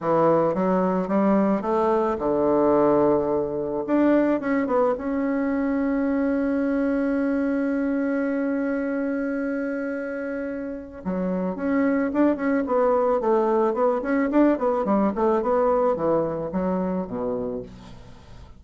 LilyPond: \new Staff \with { instrumentName = "bassoon" } { \time 4/4 \tempo 4 = 109 e4 fis4 g4 a4 | d2. d'4 | cis'8 b8 cis'2.~ | cis'1~ |
cis'1 | fis4 cis'4 d'8 cis'8 b4 | a4 b8 cis'8 d'8 b8 g8 a8 | b4 e4 fis4 b,4 | }